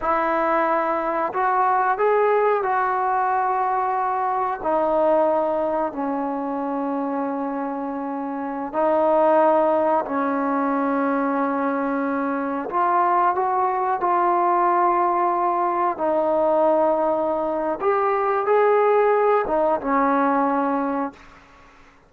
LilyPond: \new Staff \with { instrumentName = "trombone" } { \time 4/4 \tempo 4 = 91 e'2 fis'4 gis'4 | fis'2. dis'4~ | dis'4 cis'2.~ | cis'4~ cis'16 dis'2 cis'8.~ |
cis'2.~ cis'16 f'8.~ | f'16 fis'4 f'2~ f'8.~ | f'16 dis'2~ dis'8. g'4 | gis'4. dis'8 cis'2 | }